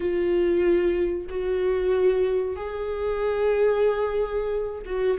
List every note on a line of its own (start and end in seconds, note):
0.00 1.26 F4
1.29 2.56 F#4
2.56 4.82 G#4
4.85 5.17 F#4